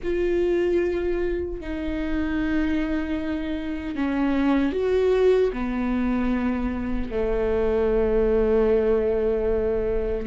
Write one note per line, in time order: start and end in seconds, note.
0.03 1.60 F4
1.60 3.95 D#4
3.95 4.72 C#4
4.72 5.51 F#4
5.53 7.11 B3
7.11 10.26 A3